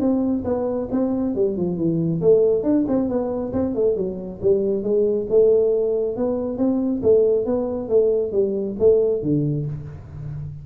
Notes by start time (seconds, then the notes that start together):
0.00 C4
0.45 B3
0.91 C4
1.35 G3
1.57 F3
1.77 E3
2.21 A3
2.63 D4
2.88 C4
3.09 B3
3.53 C4
3.75 A3
3.96 F#3
4.42 G3
4.83 G#3
5.30 A3
6.16 B3
6.58 C4
7.03 A3
7.46 B3
7.89 A3
8.32 G3
8.79 A3
9.22 D3